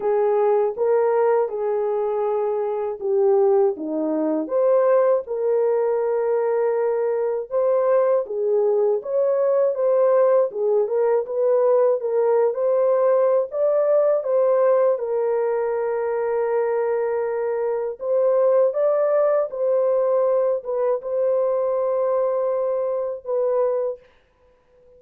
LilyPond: \new Staff \with { instrumentName = "horn" } { \time 4/4 \tempo 4 = 80 gis'4 ais'4 gis'2 | g'4 dis'4 c''4 ais'4~ | ais'2 c''4 gis'4 | cis''4 c''4 gis'8 ais'8 b'4 |
ais'8. c''4~ c''16 d''4 c''4 | ais'1 | c''4 d''4 c''4. b'8 | c''2. b'4 | }